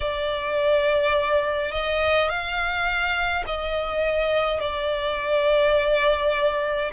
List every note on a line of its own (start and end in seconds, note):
0.00 1.72 D5
1.72 2.29 D#5
2.29 3.44 F5
3.46 4.60 D#5
4.60 6.91 D5